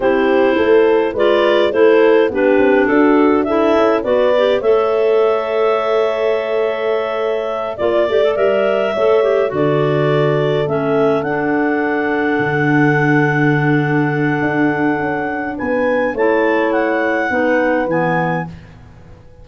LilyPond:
<<
  \new Staff \with { instrumentName = "clarinet" } { \time 4/4 \tempo 4 = 104 c''2 d''4 c''4 | b'4 a'4 e''4 d''4 | e''1~ | e''4. d''4 e''4.~ |
e''8 d''2 e''4 fis''8~ | fis''1~ | fis''2. gis''4 | a''4 fis''2 gis''4 | }
  \new Staff \with { instrumentName = "horn" } { \time 4/4 g'4 a'4 b'4 a'4 | g'4 fis'4 a'4 b'4 | cis''1~ | cis''4. d''2 cis''8~ |
cis''8 a'2.~ a'8~ | a'1~ | a'2. b'4 | cis''2 b'2 | }
  \new Staff \with { instrumentName = "clarinet" } { \time 4/4 e'2 f'4 e'4 | d'2 e'4 fis'8 g'8 | a'1~ | a'4. f'8 g'16 a'16 ais'4 a'8 |
g'8 fis'2 cis'4 d'8~ | d'1~ | d'1 | e'2 dis'4 b4 | }
  \new Staff \with { instrumentName = "tuba" } { \time 4/4 c'4 a4 gis4 a4 | b8 c'8 d'4. cis'8 b4 | a1~ | a4. ais8 a8 g4 a8~ |
a8 d2 a4 d'8~ | d'4. d2~ d8~ | d4 d'4 cis'4 b4 | a2 b4 e4 | }
>>